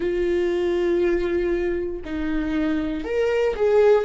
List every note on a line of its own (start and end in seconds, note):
0.00 2.01 F4
2.04 3.04 D#4
3.04 3.55 A#4
3.55 4.04 G#4